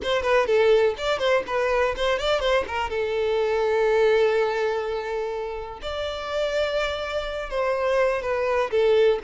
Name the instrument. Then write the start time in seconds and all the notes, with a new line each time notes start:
violin
0.02 C5
0.22 B4
0.46 A4
0.97 D5
1.19 C5
1.46 B4
1.96 C5
2.18 D5
2.40 C5
2.67 A#4
2.89 A4
5.82 D5
7.50 C5
8.22 B4
8.70 A4